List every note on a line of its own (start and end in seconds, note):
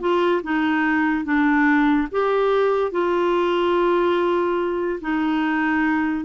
0.00 0.42 F4
0.42 1.24 D#4
1.24 2.08 D4
2.11 2.91 G4
2.91 4.99 F4
5.01 6.24 D#4